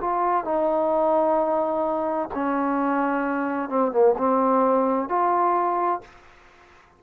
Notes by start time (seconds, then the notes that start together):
0.00 F4
0.44 D#4
2.34 C#4
3.69 C4
3.91 A#3
4.17 C4
5.09 F4